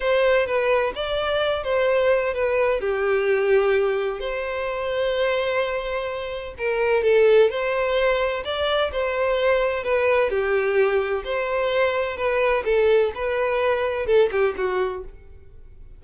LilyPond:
\new Staff \with { instrumentName = "violin" } { \time 4/4 \tempo 4 = 128 c''4 b'4 d''4. c''8~ | c''4 b'4 g'2~ | g'4 c''2.~ | c''2 ais'4 a'4 |
c''2 d''4 c''4~ | c''4 b'4 g'2 | c''2 b'4 a'4 | b'2 a'8 g'8 fis'4 | }